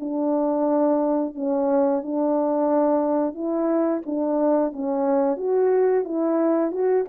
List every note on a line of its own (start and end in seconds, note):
0.00 1.35 D4
1.35 2.02 C#4
2.02 3.35 D4
3.35 4.02 E4
4.06 4.73 D4
4.73 5.37 C#4
5.37 6.04 F#4
6.05 6.72 E4
6.72 7.05 F#4